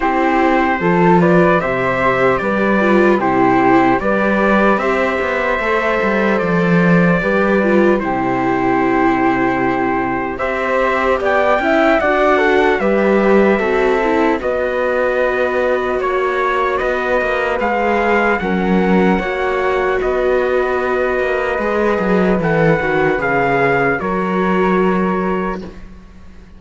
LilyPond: <<
  \new Staff \with { instrumentName = "trumpet" } { \time 4/4 \tempo 4 = 75 c''4. d''8 e''4 d''4 | c''4 d''4 e''2 | d''2 c''2~ | c''4 e''4 g''4 fis''4 |
e''2 dis''2 | cis''4 dis''4 f''4 fis''4~ | fis''4 dis''2. | fis''4 f''4 cis''2 | }
  \new Staff \with { instrumentName = "flute" } { \time 4/4 g'4 a'8 b'8 c''4 b'4 | g'4 b'4 c''2~ | c''4 b'4 g'2~ | g'4 c''4 d''8 e''8 d''8 a'8 |
b'4 a'4 b'2 | cis''4 b'2 ais'4 | cis''4 b'2.~ | b'2 ais'2 | }
  \new Staff \with { instrumentName = "viola" } { \time 4/4 e'4 f'4 g'4. f'8 | e'4 g'2 a'4~ | a'4 g'8 f'8 e'2~ | e'4 g'4. e'8 fis'4 |
g'4 fis'8 e'8 fis'2~ | fis'2 gis'4 cis'4 | fis'2. gis'4 | a'8 fis'8 gis'4 fis'2 | }
  \new Staff \with { instrumentName = "cello" } { \time 4/4 c'4 f4 c4 g4 | c4 g4 c'8 b8 a8 g8 | f4 g4 c2~ | c4 c'4 b8 cis'8 d'4 |
g4 c'4 b2 | ais4 b8 ais8 gis4 fis4 | ais4 b4. ais8 gis8 fis8 | e8 dis8 cis4 fis2 | }
>>